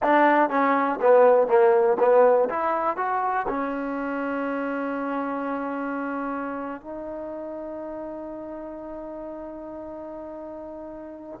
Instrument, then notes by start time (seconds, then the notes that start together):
trombone
0.02 D4
0.49 C#4
1.01 B3
1.47 A#3
1.99 B3
2.49 E4
2.96 F#4
3.48 C#4
6.81 D#4